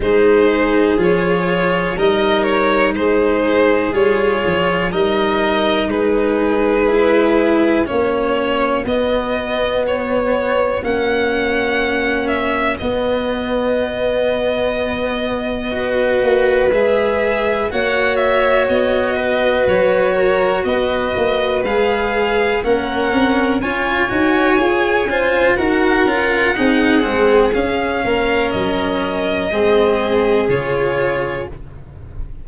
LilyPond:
<<
  \new Staff \with { instrumentName = "violin" } { \time 4/4 \tempo 4 = 61 c''4 cis''4 dis''8 cis''8 c''4 | cis''4 dis''4 b'2 | cis''4 dis''4 cis''4 fis''4~ | fis''8 e''8 dis''2.~ |
dis''4 e''4 fis''8 e''8 dis''4 | cis''4 dis''4 f''4 fis''4 | gis''2 fis''2 | f''4 dis''2 cis''4 | }
  \new Staff \with { instrumentName = "violin" } { \time 4/4 gis'2 ais'4 gis'4~ | gis'4 ais'4 gis'2 | fis'1~ | fis'1 |
b'2 cis''4. b'8~ | b'8 ais'8 b'2 ais'4 | cis''4. c''8 ais'4 gis'4~ | gis'8 ais'4. gis'2 | }
  \new Staff \with { instrumentName = "cello" } { \time 4/4 dis'4 f'4 dis'2 | f'4 dis'2 e'4 | cis'4 b2 cis'4~ | cis'4 b2. |
fis'4 gis'4 fis'2~ | fis'2 gis'4 cis'4 | f'8 fis'8 gis'8 f'8 fis'8 f'8 dis'8 c'8 | cis'2 c'4 f'4 | }
  \new Staff \with { instrumentName = "tuba" } { \time 4/4 gis4 f4 g4 gis4 | g8 f8 g4 gis2 | ais4 b2 ais4~ | ais4 b2.~ |
b8 ais8 gis4 ais4 b4 | fis4 b8 ais8 gis4 ais8 c'8 | cis'8 dis'8 f'8 cis'8 dis'8 cis'8 c'8 gis8 | cis'8 ais8 fis4 gis4 cis4 | }
>>